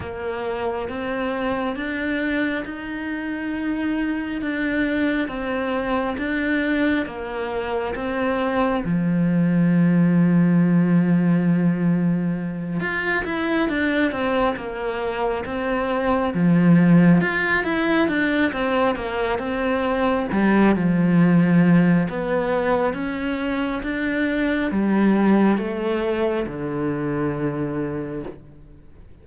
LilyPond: \new Staff \with { instrumentName = "cello" } { \time 4/4 \tempo 4 = 68 ais4 c'4 d'4 dis'4~ | dis'4 d'4 c'4 d'4 | ais4 c'4 f2~ | f2~ f8 f'8 e'8 d'8 |
c'8 ais4 c'4 f4 f'8 | e'8 d'8 c'8 ais8 c'4 g8 f8~ | f4 b4 cis'4 d'4 | g4 a4 d2 | }